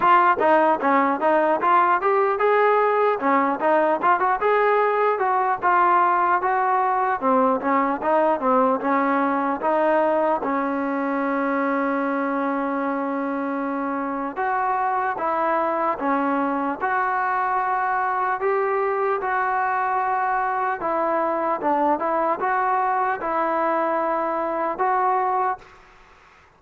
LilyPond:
\new Staff \with { instrumentName = "trombone" } { \time 4/4 \tempo 4 = 75 f'8 dis'8 cis'8 dis'8 f'8 g'8 gis'4 | cis'8 dis'8 f'16 fis'16 gis'4 fis'8 f'4 | fis'4 c'8 cis'8 dis'8 c'8 cis'4 | dis'4 cis'2.~ |
cis'2 fis'4 e'4 | cis'4 fis'2 g'4 | fis'2 e'4 d'8 e'8 | fis'4 e'2 fis'4 | }